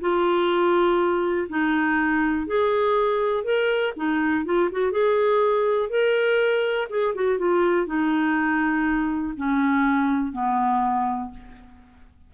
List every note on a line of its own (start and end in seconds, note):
0.00 1.48 F4
1.49 2.47 D#4
2.47 3.44 G#4
3.44 3.93 A#4
3.96 4.45 D#4
4.45 4.69 F4
4.72 4.92 F#4
4.92 5.90 G#4
5.90 6.88 A#4
6.90 7.14 G#4
7.15 7.38 F#4
7.38 7.86 F4
7.86 9.34 D#4
9.37 10.32 C#4
10.32 11.30 B3